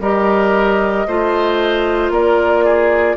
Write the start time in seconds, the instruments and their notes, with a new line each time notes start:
0.00 bassoon G3, clarinet G4, oboe A#4, flute D#5
1.07 bassoon A3, clarinet F4, oboe C5
2.10 bassoon A#3, oboe A#4, flute D5
2.64 oboe G#4